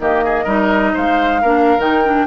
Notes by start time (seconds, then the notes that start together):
0.00 D#3 A#3 G4 D#5
0.25 G#4
0.44 G3 D#4 A#4
0.94 G#3 C5 F5
1.42 A#3 D4 A#4
1.78 D#3 D#4 G5
2.05 D4